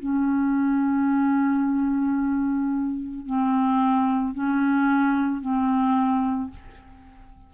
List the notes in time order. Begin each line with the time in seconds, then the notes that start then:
0.00 C#4
3.26 C4
4.34 C#4
5.41 C4